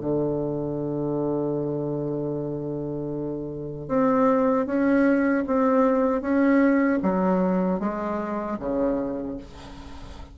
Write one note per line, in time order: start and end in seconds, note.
0.00 3.88 D3
3.88 4.66 C4
4.66 5.44 C#4
5.47 6.21 C4
6.21 6.99 C#4
7.02 7.80 F#3
7.80 8.57 G#3
8.59 9.37 C#3